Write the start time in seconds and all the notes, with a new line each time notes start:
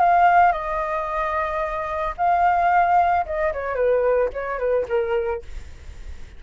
0.00 F5
0.52 D#5
2.17 F5
3.26 D#5
3.53 C#5
3.75 B4
4.33 C#5
4.59 B4
4.88 A#4